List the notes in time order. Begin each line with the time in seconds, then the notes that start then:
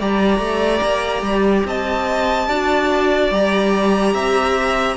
0.00 G3 G4 D5 A#5
0.40 A3
0.83 A#3
1.22 G3
1.65 C4 D#5 A5
2.48 D4 F#4 D5
3.31 G3 G4 A#5
4.14 C4 E5